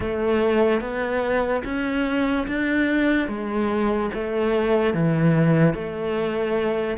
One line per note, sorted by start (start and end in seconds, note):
0.00 0.80 A3
0.80 1.63 B3
1.64 2.46 C#4
2.47 3.28 D4
3.28 4.10 G#3
4.14 4.93 A3
4.93 5.73 E3
5.73 6.97 A3